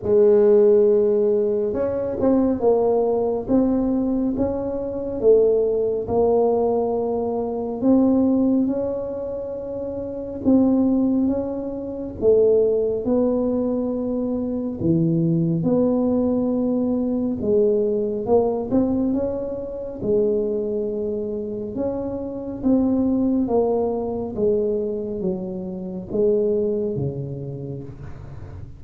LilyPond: \new Staff \with { instrumentName = "tuba" } { \time 4/4 \tempo 4 = 69 gis2 cis'8 c'8 ais4 | c'4 cis'4 a4 ais4~ | ais4 c'4 cis'2 | c'4 cis'4 a4 b4~ |
b4 e4 b2 | gis4 ais8 c'8 cis'4 gis4~ | gis4 cis'4 c'4 ais4 | gis4 fis4 gis4 cis4 | }